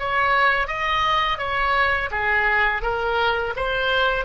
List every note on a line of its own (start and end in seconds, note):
0.00 0.68 C#5
0.68 1.39 D#5
1.39 2.10 C#5
2.11 2.83 G#4
2.83 3.54 A#4
3.56 4.26 C5